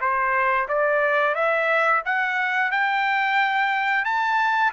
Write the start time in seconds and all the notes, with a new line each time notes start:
0.00 C5
0.68 D5
1.35 E5
2.05 F#5
2.71 G5
4.05 A5